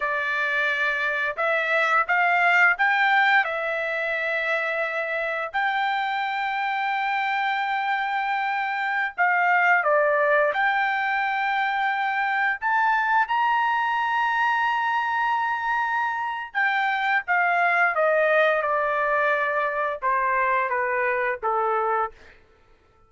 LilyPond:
\new Staff \with { instrumentName = "trumpet" } { \time 4/4 \tempo 4 = 87 d''2 e''4 f''4 | g''4 e''2. | g''1~ | g''4~ g''16 f''4 d''4 g''8.~ |
g''2~ g''16 a''4 ais''8.~ | ais''1 | g''4 f''4 dis''4 d''4~ | d''4 c''4 b'4 a'4 | }